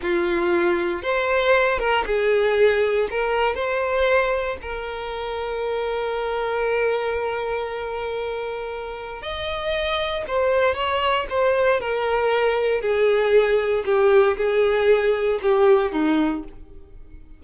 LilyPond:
\new Staff \with { instrumentName = "violin" } { \time 4/4 \tempo 4 = 117 f'2 c''4. ais'8 | gis'2 ais'4 c''4~ | c''4 ais'2.~ | ais'1~ |
ais'2 dis''2 | c''4 cis''4 c''4 ais'4~ | ais'4 gis'2 g'4 | gis'2 g'4 dis'4 | }